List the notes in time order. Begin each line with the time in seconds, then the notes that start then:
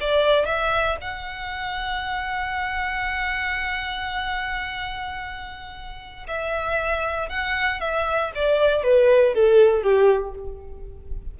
0.00 D5
0.45 E5
1.01 F#5
6.27 E5
7.29 F#5
7.80 E5
8.34 D5
8.83 B4
9.34 A4
9.83 G4